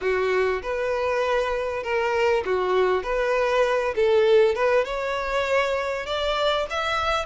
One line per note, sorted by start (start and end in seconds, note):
0.01 0.61 F#4
0.62 1.83 B4
1.83 2.43 A#4
2.45 3.03 F#4
3.03 3.94 B4
3.95 4.55 A4
4.55 4.85 B4
4.85 6.06 C#5
6.06 6.66 D5
6.69 7.25 E5